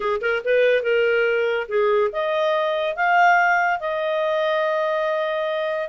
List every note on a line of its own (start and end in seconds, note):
0.00 0.20 G#4
0.21 0.42 A#4
0.44 0.82 B4
0.82 1.67 A#4
1.68 2.10 G#4
2.12 2.96 D#5
2.96 3.80 F5
3.80 5.89 D#5